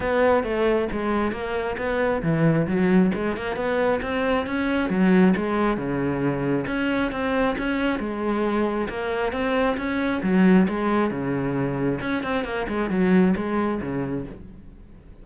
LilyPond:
\new Staff \with { instrumentName = "cello" } { \time 4/4 \tempo 4 = 135 b4 a4 gis4 ais4 | b4 e4 fis4 gis8 ais8 | b4 c'4 cis'4 fis4 | gis4 cis2 cis'4 |
c'4 cis'4 gis2 | ais4 c'4 cis'4 fis4 | gis4 cis2 cis'8 c'8 | ais8 gis8 fis4 gis4 cis4 | }